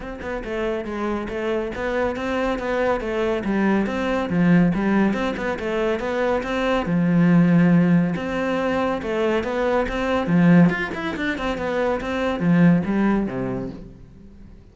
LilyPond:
\new Staff \with { instrumentName = "cello" } { \time 4/4 \tempo 4 = 140 c'8 b8 a4 gis4 a4 | b4 c'4 b4 a4 | g4 c'4 f4 g4 | c'8 b8 a4 b4 c'4 |
f2. c'4~ | c'4 a4 b4 c'4 | f4 f'8 e'8 d'8 c'8 b4 | c'4 f4 g4 c4 | }